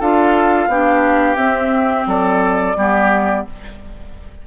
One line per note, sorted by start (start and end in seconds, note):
0.00 0.68 D4
0.00 0.70 F4
0.00 0.69 A4
0.00 1.36 F5
0.68 1.36 B3
0.68 1.36 D4
0.68 2.08 G4
1.36 2.05 C4
1.36 2.74 C4
1.36 2.05 E5
2.06 2.75 F#3
2.06 2.77 A4
2.06 3.47 D5
2.76 3.45 G3
2.76 3.47 B3
2.76 3.46 G4